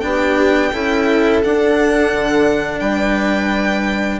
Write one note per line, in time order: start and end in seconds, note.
0.00 0.72 B3
0.00 0.71 D4
0.00 0.72 G4
0.00 1.40 G5
0.72 1.42 C#4
0.72 1.43 E4
0.72 2.79 A4
1.43 4.19 D4
1.43 2.12 D4
1.43 2.79 F#5
2.12 2.80 D3
2.79 4.19 G3
2.79 4.19 B4
2.79 4.19 G5